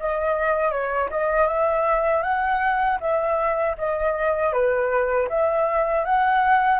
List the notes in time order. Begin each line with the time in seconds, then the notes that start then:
0.00 D#5
0.72 C#5
1.11 D#5
1.48 E5
2.23 F#5
3.01 E5
3.78 D#5
4.53 B4
5.29 E5
6.06 F#5